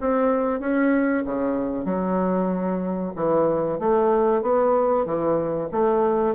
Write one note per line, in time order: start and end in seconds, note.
0.00 0.59 C4
0.59 1.23 C#4
1.25 1.85 C#3
1.85 3.12 F#3
3.15 3.79 E3
3.79 4.42 A3
4.42 5.05 B3
5.05 5.69 E3
5.71 6.35 A3